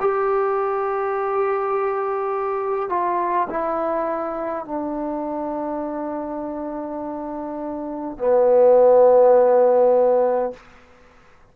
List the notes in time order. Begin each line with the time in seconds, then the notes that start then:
0.00 G4
2.89 F4
3.49 E4
4.65 D4
8.18 B3